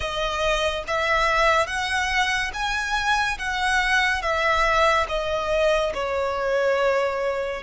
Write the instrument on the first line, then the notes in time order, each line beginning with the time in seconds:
violin
0.00 D#5
0.87 E5
1.66 F#5
2.53 G#5
3.38 F#5
4.21 E5
5.08 D#5
5.94 C#5